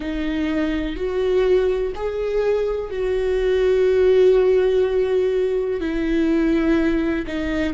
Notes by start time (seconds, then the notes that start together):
0.00 D#4
0.95 F#4
1.95 G#4
2.90 F#4
5.80 E4
7.26 D#4